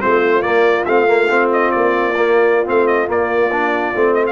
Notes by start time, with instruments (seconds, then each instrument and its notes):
0.00 tuba A3, trombone C4, horn F4, trumpet C5
0.42 tuba A#3, trombone A#3, trumpet D5
0.85 tuba A3, trombone C4, trumpet F5
1.07 trombone A#3
1.29 trombone C4
1.52 trumpet D#5
1.71 tuba A#3, trumpet D5
2.16 trombone A#3
2.65 tuba A3, trombone C4, trumpet F5
2.87 trumpet D#5
3.07 trombone A#3, tuba A#3, trumpet D5
3.52 trombone D4
3.95 tuba A3, trombone C4
4.14 trumpet D#5
4.26 trumpet F5